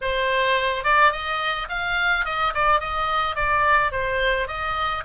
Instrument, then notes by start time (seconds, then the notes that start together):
oboe
0.01 C5
0.84 D5
1.12 D#5
1.69 F5
2.25 D#5
2.54 D5
2.79 D#5
3.35 D5
3.91 C5
4.47 D#5